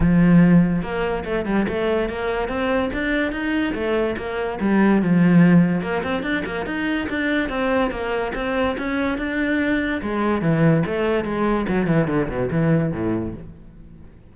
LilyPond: \new Staff \with { instrumentName = "cello" } { \time 4/4 \tempo 4 = 144 f2 ais4 a8 g8 | a4 ais4 c'4 d'4 | dis'4 a4 ais4 g4 | f2 ais8 c'8 d'8 ais8 |
dis'4 d'4 c'4 ais4 | c'4 cis'4 d'2 | gis4 e4 a4 gis4 | fis8 e8 d8 b,8 e4 a,4 | }